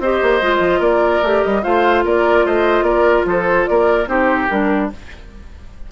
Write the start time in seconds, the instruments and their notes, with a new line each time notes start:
0.00 bassoon C4, clarinet G4, oboe C5, flute D#5
0.23 bassoon A#3
0.42 bassoon G#3, clarinet F4
0.60 bassoon F3
0.80 bassoon A#3, oboe A#4, flute D5
1.23 bassoon A3, clarinet G4
1.43 bassoon G3, flute D#5
1.63 bassoon A3, clarinet F4, oboe C5, flute F5
2.05 bassoon A#3, oboe A#4, flute D5
2.46 bassoon A3, oboe C5, flute D#5
2.82 bassoon A#3, oboe A#4, flute D5
3.26 bassoon F3, oboe A4, flute C5
3.67 bassoon A#3, oboe A#4, flute D5
4.07 bassoon C4, clarinet D#4, oboe G4, flute C5
4.50 bassoon G3, clarinet D4, flute A#4